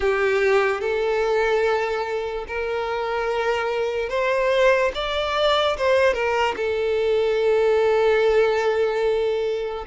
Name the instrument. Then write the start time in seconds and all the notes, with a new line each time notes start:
violin
0.00 G4
0.80 A4
2.47 A#4
4.09 C5
4.94 D5
5.77 C5
6.13 A#4
6.56 A4